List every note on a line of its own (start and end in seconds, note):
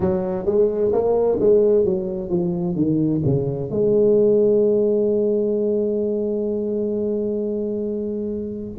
0.00 0.45 F#3
0.45 0.91 G#3
0.92 1.38 A#3
1.39 1.84 G#3
1.84 2.29 F#3
2.29 2.75 F3
2.75 3.21 D#3
3.25 3.70 C#3
3.70 8.78 G#3